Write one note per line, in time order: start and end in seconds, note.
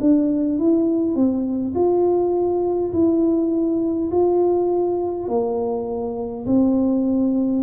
0.00 0.58 D4
0.58 1.15 E4
1.15 1.74 C4
1.74 2.92 F4
2.93 4.10 E4
4.11 5.28 F4
5.28 6.45 A#3
6.45 7.63 C4